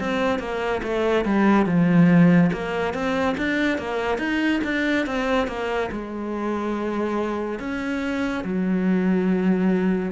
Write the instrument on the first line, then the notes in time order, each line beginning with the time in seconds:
cello
0.00 C4
0.39 A#3
0.83 A3
1.26 G3
1.66 F3
2.53 A#3
2.94 C4
3.38 D4
3.79 A#3
4.19 D#4
4.64 D4
5.06 C4
5.48 A#3
5.92 G#3
7.59 C#4
8.45 F#3